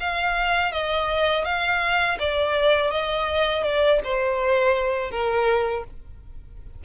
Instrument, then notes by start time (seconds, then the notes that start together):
violin
0.00 F5
0.72 D#5
1.45 F5
2.19 D5
2.91 D#5
3.63 D5
4.04 C5
5.11 A#4